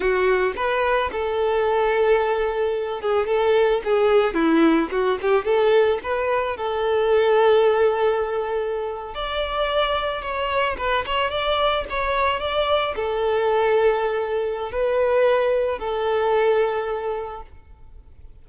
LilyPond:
\new Staff \with { instrumentName = "violin" } { \time 4/4 \tempo 4 = 110 fis'4 b'4 a'2~ | a'4. gis'8 a'4 gis'4 | e'4 fis'8 g'8 a'4 b'4 | a'1~ |
a'8. d''2 cis''4 b'16~ | b'16 cis''8 d''4 cis''4 d''4 a'16~ | a'2. b'4~ | b'4 a'2. | }